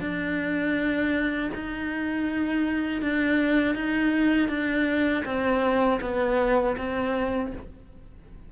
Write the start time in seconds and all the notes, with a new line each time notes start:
0.00 D4
1.54 D#4
3.02 D4
3.75 D#4
4.49 D4
5.25 C4
6.01 B3
6.77 C4